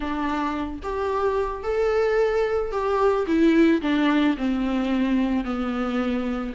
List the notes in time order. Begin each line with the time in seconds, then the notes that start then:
0.00 D4
0.82 G4
1.63 A4
2.71 G4
3.26 E4
3.81 D4
4.37 C4
5.44 B3